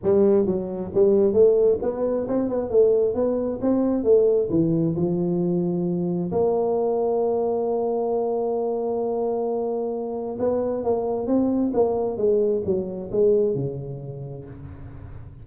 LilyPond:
\new Staff \with { instrumentName = "tuba" } { \time 4/4 \tempo 4 = 133 g4 fis4 g4 a4 | b4 c'8 b8 a4 b4 | c'4 a4 e4 f4~ | f2 ais2~ |
ais1~ | ais2. b4 | ais4 c'4 ais4 gis4 | fis4 gis4 cis2 | }